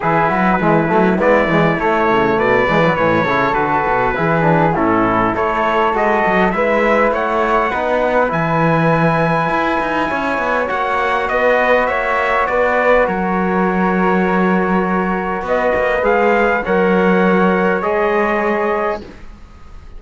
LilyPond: <<
  \new Staff \with { instrumentName = "trumpet" } { \time 4/4 \tempo 4 = 101 b'2 d''4 cis''4 | d''4 cis''4 b'2 | a'4 cis''4 dis''4 e''4 | fis''2 gis''2~ |
gis''2 fis''4 dis''4 | e''4 d''4 cis''2~ | cis''2 dis''4 f''4 | fis''2 dis''2 | }
  \new Staff \with { instrumentName = "flute" } { \time 4/4 gis'8 fis'8 e'2. | b'4. a'4. gis'4 | e'4 a'2 b'4 | cis''4 b'2.~ |
b'4 cis''2 b'4 | cis''4 b'4 ais'2~ | ais'2 b'2 | cis''1 | }
  \new Staff \with { instrumentName = "trombone" } { \time 4/4 e'4 gis8 a8 b8 gis8 a4~ | a8 gis16 fis16 e8 e'8 fis'4 e'8 d'8 | cis'4 e'4 fis'4 e'4~ | e'4 dis'4 e'2~ |
e'2 fis'2~ | fis'1~ | fis'2. gis'4 | ais'2 gis'2 | }
  \new Staff \with { instrumentName = "cello" } { \time 4/4 e8 fis8 e8 fis8 gis8 e8 a8 cis8 | b,8 e8 a,8 cis8 d8 b,8 e4 | a,4 a4 gis8 fis8 gis4 | a4 b4 e2 |
e'8 dis'8 cis'8 b8 ais4 b4 | ais4 b4 fis2~ | fis2 b8 ais8 gis4 | fis2 gis2 | }
>>